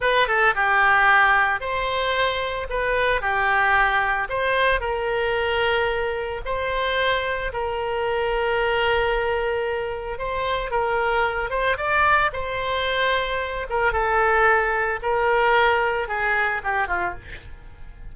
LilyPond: \new Staff \with { instrumentName = "oboe" } { \time 4/4 \tempo 4 = 112 b'8 a'8 g'2 c''4~ | c''4 b'4 g'2 | c''4 ais'2. | c''2 ais'2~ |
ais'2. c''4 | ais'4. c''8 d''4 c''4~ | c''4. ais'8 a'2 | ais'2 gis'4 g'8 f'8 | }